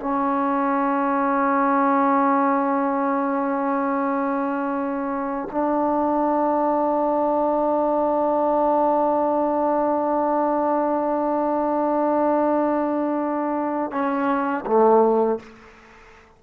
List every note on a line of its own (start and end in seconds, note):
0.00 5.49 C#4
5.51 13.92 D4
13.92 14.65 C#4
14.66 15.40 A3